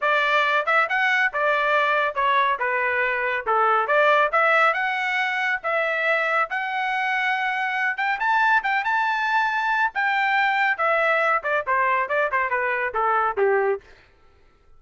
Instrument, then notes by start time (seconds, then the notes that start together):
trumpet
0.01 D5
0.66 E5
0.89 F#5
1.33 D5
2.14 C#5
2.59 B4
3.46 A4
3.87 D5
4.32 E5
4.73 F#5
5.63 E5
6.49 F#5
7.97 G5
8.19 A5
8.63 G5
8.84 A5
9.94 G5
10.77 E5
11.43 D5
11.66 C5
12.09 D5
12.31 C5
12.50 B4
12.93 A4
13.37 G4